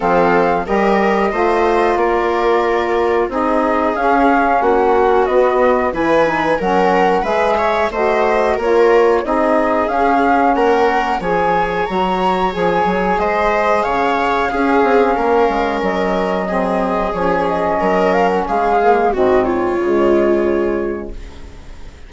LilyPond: <<
  \new Staff \with { instrumentName = "flute" } { \time 4/4 \tempo 4 = 91 f''4 dis''2 d''4~ | d''4 dis''4 f''4 fis''4 | dis''4 gis''4 fis''4 e''4 | dis''4 cis''4 dis''4 f''4 |
fis''4 gis''4 ais''4 gis''4 | dis''4 f''2. | dis''2 cis''8 dis''4 f''16 fis''16 | f''4 dis''8 cis''2~ cis''8 | }
  \new Staff \with { instrumentName = "viola" } { \time 4/4 a'4 ais'4 c''4 ais'4~ | ais'4 gis'2 fis'4~ | fis'4 b'4 ais'4 b'8 cis''8 | c''4 ais'4 gis'2 |
ais'4 cis''2. | c''4 cis''4 gis'4 ais'4~ | ais'4 gis'2 ais'4 | gis'4 fis'8 f'2~ f'8 | }
  \new Staff \with { instrumentName = "saxophone" } { \time 4/4 c'4 g'4 f'2~ | f'4 dis'4 cis'2 | b4 e'8 dis'8 cis'4 gis'4 | fis'4 f'4 dis'4 cis'4~ |
cis'4 gis'4 fis'4 gis'4~ | gis'2 cis'2~ | cis'4 c'4 cis'2~ | cis'8 ais8 c'4 gis2 | }
  \new Staff \with { instrumentName = "bassoon" } { \time 4/4 f4 g4 a4 ais4~ | ais4 c'4 cis'4 ais4 | b4 e4 fis4 gis4 | a4 ais4 c'4 cis'4 |
ais4 f4 fis4 f8 fis8 | gis4 cis4 cis'8 c'8 ais8 gis8 | fis2 f4 fis4 | gis4 gis,4 cis2 | }
>>